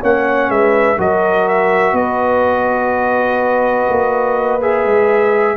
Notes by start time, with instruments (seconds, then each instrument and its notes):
0.00 tuba A#3, trombone C#4, horn C#5, trumpet F#5
0.49 tuba G#3, horn B4, trumpet E5
0.97 tuba F#3, trombone F#4, horn A#4, trumpet D#5
1.48 trumpet E5
1.92 tuba B3, horn B4, trumpet D#5
3.89 tuba A#3
4.61 trombone G#4, trumpet E5
4.85 tuba G#3